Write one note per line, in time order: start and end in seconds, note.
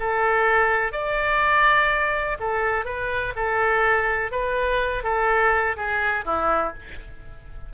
0.00 0.92 A4
0.92 2.38 D5
2.40 2.85 A4
2.85 3.34 B4
3.36 4.32 A4
4.32 5.04 B4
5.04 5.76 A4
5.77 6.25 G#4
6.25 6.74 E4